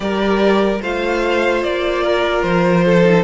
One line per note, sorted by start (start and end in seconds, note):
0.00 0.80 G3
0.00 0.80 G4
0.00 0.81 A#4
0.00 0.81 D5
0.81 1.62 A3
0.81 3.04 F4
0.81 2.03 C5
0.81 1.63 F5
1.62 2.43 A#3
1.62 2.42 D5
2.03 2.84 A#4
2.42 3.23 F3
2.42 3.23 C5
2.84 3.23 A4
3.04 3.23 D#4